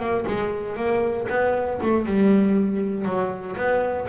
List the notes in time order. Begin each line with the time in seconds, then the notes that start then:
0.00 A#3
0.27 G#3
0.76 A#3
1.29 B3
1.82 A3
2.06 G3
3.05 F#3
3.57 B3